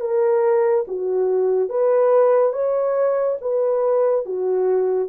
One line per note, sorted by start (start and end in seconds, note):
0.00 0.85 A#4
0.87 1.69 F#4
1.69 2.52 B4
2.52 3.37 C#5
3.41 4.25 B4
4.25 5.09 F#4